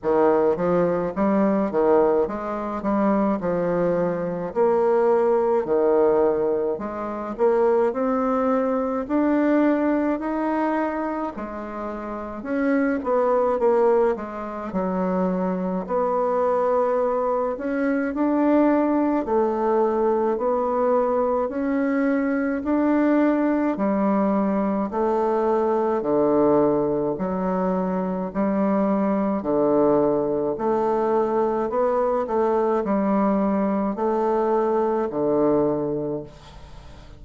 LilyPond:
\new Staff \with { instrumentName = "bassoon" } { \time 4/4 \tempo 4 = 53 dis8 f8 g8 dis8 gis8 g8 f4 | ais4 dis4 gis8 ais8 c'4 | d'4 dis'4 gis4 cis'8 b8 | ais8 gis8 fis4 b4. cis'8 |
d'4 a4 b4 cis'4 | d'4 g4 a4 d4 | fis4 g4 d4 a4 | b8 a8 g4 a4 d4 | }